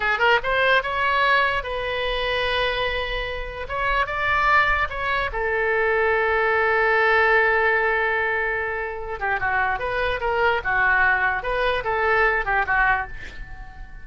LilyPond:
\new Staff \with { instrumentName = "oboe" } { \time 4/4 \tempo 4 = 147 gis'8 ais'8 c''4 cis''2 | b'1~ | b'4 cis''4 d''2 | cis''4 a'2.~ |
a'1~ | a'2~ a'8 g'8 fis'4 | b'4 ais'4 fis'2 | b'4 a'4. g'8 fis'4 | }